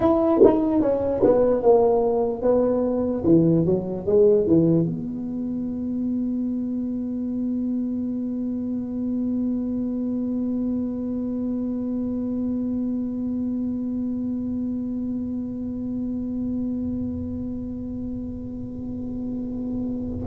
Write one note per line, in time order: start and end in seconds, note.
0.00 0.40 E4
0.43 0.81 D#4
0.81 1.22 C#4
1.23 1.62 B3
1.62 2.41 A#3
2.41 3.22 B3
3.24 3.65 E3
3.65 4.05 F#3
4.05 4.46 G#3
4.46 4.85 E3
4.85 20.26 B3